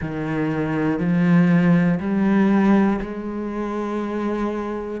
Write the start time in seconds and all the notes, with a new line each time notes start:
0.00 D#3
0.99 F3
2.00 G3
3.01 G#3